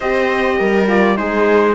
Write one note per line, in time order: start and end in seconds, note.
0.00 0.59 C4
0.00 0.87 G4
0.00 0.57 C5
0.00 0.87 D#5
0.58 1.18 G3
0.58 1.17 A#4
0.87 1.15 F4
0.87 1.17 D5
1.15 1.74 G#3
1.15 1.74 D#4
1.15 1.74 G#4
1.15 1.74 C5